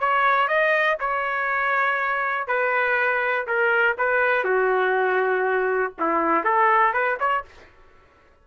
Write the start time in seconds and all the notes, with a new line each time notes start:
0.00 C#5
0.48 D#5
1.00 C#5
2.47 B4
3.47 A#4
3.98 B4
4.44 F#4
5.99 E4
6.44 A4
6.94 B4
7.20 C#5